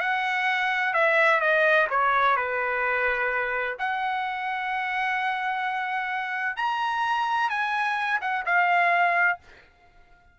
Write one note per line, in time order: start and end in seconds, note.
0.00 0.94 F#5
0.94 1.40 E5
1.40 1.87 D#5
1.90 2.37 C#5
2.37 3.77 B4
3.79 6.56 F#5
6.56 7.50 A#5
7.50 8.20 G#5
8.21 8.45 F#5
8.45 9.39 F5